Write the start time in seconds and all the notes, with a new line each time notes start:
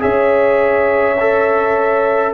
0.00 C#4 G#4 C#5 E5
1.20 A4